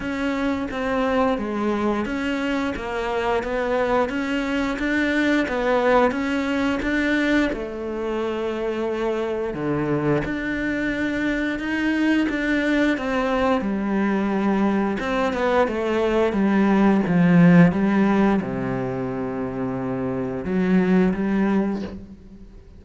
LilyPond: \new Staff \with { instrumentName = "cello" } { \time 4/4 \tempo 4 = 88 cis'4 c'4 gis4 cis'4 | ais4 b4 cis'4 d'4 | b4 cis'4 d'4 a4~ | a2 d4 d'4~ |
d'4 dis'4 d'4 c'4 | g2 c'8 b8 a4 | g4 f4 g4 c4~ | c2 fis4 g4 | }